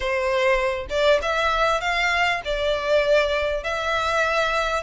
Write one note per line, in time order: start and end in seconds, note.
0.00 0.87 C5
0.89 1.20 D5
1.21 1.80 E5
1.80 2.41 F5
2.44 3.63 D5
3.63 4.83 E5